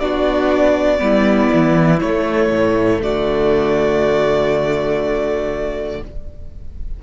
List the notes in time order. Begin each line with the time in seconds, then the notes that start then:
0.00 B3 D4 F#4 D5
0.98 G3 B3 E4
1.53 E3
2.01 A3 C#5
2.50 A2
3.01 D3 F#4 D5